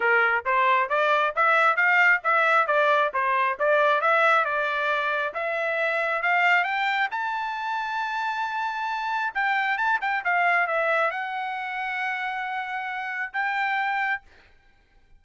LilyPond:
\new Staff \with { instrumentName = "trumpet" } { \time 4/4 \tempo 4 = 135 ais'4 c''4 d''4 e''4 | f''4 e''4 d''4 c''4 | d''4 e''4 d''2 | e''2 f''4 g''4 |
a''1~ | a''4 g''4 a''8 g''8 f''4 | e''4 fis''2.~ | fis''2 g''2 | }